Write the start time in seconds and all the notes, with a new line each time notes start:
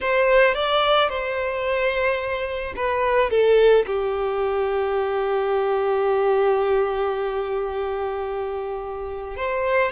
0.00 C5
0.54 D5
1.09 C5
2.75 B4
3.30 A4
3.86 G4
9.36 C5